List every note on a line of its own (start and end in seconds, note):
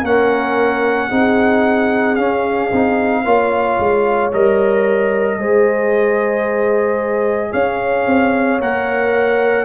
0.00 1.09 A#3
0.00 1.10 C#4
0.00 1.07 A#4
0.00 2.15 F#5
1.08 2.17 C4
1.08 2.17 D#4
1.08 3.22 G#4
2.15 2.71 C#4
2.15 4.29 F5
2.71 3.25 C4
2.71 3.24 D#4
3.24 3.78 A#3
3.24 4.31 F4
3.24 5.39 C#5
3.79 4.32 G#3
4.32 5.37 G3
4.32 5.39 A#4
4.32 7.52 D#5
5.37 7.52 G#3
5.37 8.61 G#4
5.37 7.51 C5
7.51 8.06 C#4
7.51 9.65 C#5
7.51 8.60 F5
8.06 8.59 C4
8.60 9.65 A#3
8.60 9.65 A#4
8.60 9.65 F#5